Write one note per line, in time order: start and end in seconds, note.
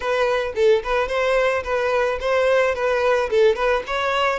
0.00 0.53 B4
0.55 0.83 A4
0.83 1.08 B4
1.08 1.63 C5
1.63 2.18 B4
2.20 2.74 C5
2.74 3.29 B4
3.30 3.55 A4
3.55 3.83 B4
3.86 4.39 C#5